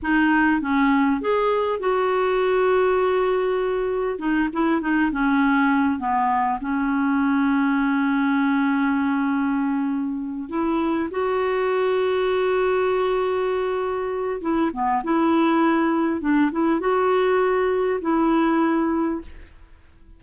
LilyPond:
\new Staff \with { instrumentName = "clarinet" } { \time 4/4 \tempo 4 = 100 dis'4 cis'4 gis'4 fis'4~ | fis'2. dis'8 e'8 | dis'8 cis'4. b4 cis'4~ | cis'1~ |
cis'4. e'4 fis'4.~ | fis'1 | e'8 b8 e'2 d'8 e'8 | fis'2 e'2 | }